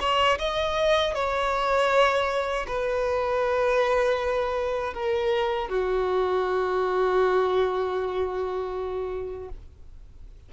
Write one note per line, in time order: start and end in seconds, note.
0.00 0.38 C#5
0.38 1.14 D#5
1.14 2.66 C#5
2.67 4.94 B4
4.94 5.69 A#4
5.69 9.49 F#4